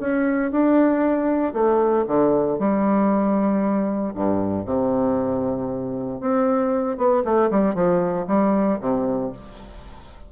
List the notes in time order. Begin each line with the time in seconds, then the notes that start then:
0.00 C#4
0.51 D4
1.54 A3
2.07 D3
2.59 G3
4.15 G2
4.66 C3
6.21 C4
6.98 B3
7.25 A3
7.51 G3
7.75 F3
8.28 G3
8.81 C3